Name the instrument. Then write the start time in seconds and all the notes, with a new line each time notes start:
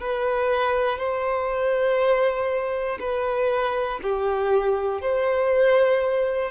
violin
0.00 B4
0.98 C5
3.00 B4
4.02 G4
5.01 C5